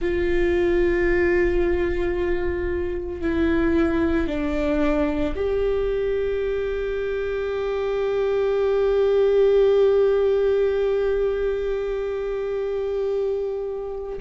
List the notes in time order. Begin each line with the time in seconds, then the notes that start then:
0.00 F4
3.21 E4
4.27 D4
5.35 G4